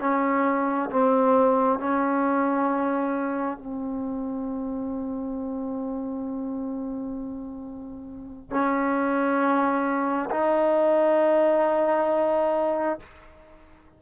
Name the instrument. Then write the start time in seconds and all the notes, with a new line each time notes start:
trombone
0.00 C#4
0.90 C4
1.79 C#4
3.58 C4
8.50 C#4
10.31 D#4